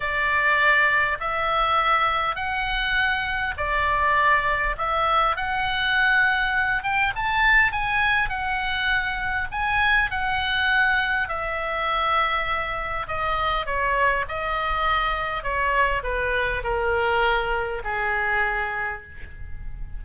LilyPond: \new Staff \with { instrumentName = "oboe" } { \time 4/4 \tempo 4 = 101 d''2 e''2 | fis''2 d''2 | e''4 fis''2~ fis''8 g''8 | a''4 gis''4 fis''2 |
gis''4 fis''2 e''4~ | e''2 dis''4 cis''4 | dis''2 cis''4 b'4 | ais'2 gis'2 | }